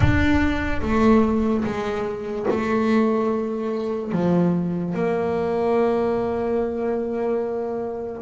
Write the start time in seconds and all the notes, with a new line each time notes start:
0.00 D4
0.81 A3
1.64 G#3
2.50 A3
4.12 F3
4.94 A#3